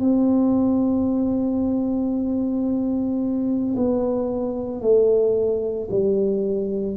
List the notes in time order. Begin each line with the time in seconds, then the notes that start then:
0.00 C4
3.76 B3
4.82 A3
5.91 G3